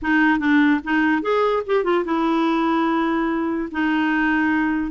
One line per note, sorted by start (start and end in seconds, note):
0.01 0.39 D#4
0.39 0.80 D4
0.83 1.21 D#4
1.21 1.63 G#4
1.66 1.83 G4
1.83 2.04 F4
2.05 3.69 E4
3.71 4.91 D#4